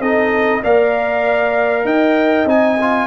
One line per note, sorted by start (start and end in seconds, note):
0.00 0.61 C4
0.00 0.63 D#4
0.00 0.62 A4
0.00 0.63 D#5
0.63 1.85 A#3
0.63 2.47 A#4
0.63 1.85 D5
0.63 1.86 F5
1.85 2.46 D#4
1.85 3.07 D#5
1.85 2.47 G5
2.46 3.07 C4
2.46 2.78 D#4
2.46 3.07 G#5
2.81 3.07 F4